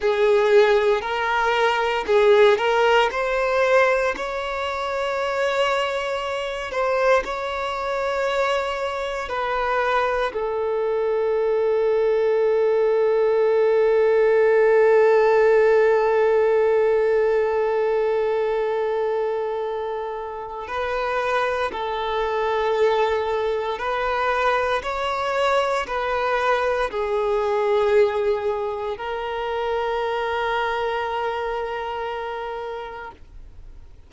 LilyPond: \new Staff \with { instrumentName = "violin" } { \time 4/4 \tempo 4 = 58 gis'4 ais'4 gis'8 ais'8 c''4 | cis''2~ cis''8 c''8 cis''4~ | cis''4 b'4 a'2~ | a'1~ |
a'1 | b'4 a'2 b'4 | cis''4 b'4 gis'2 | ais'1 | }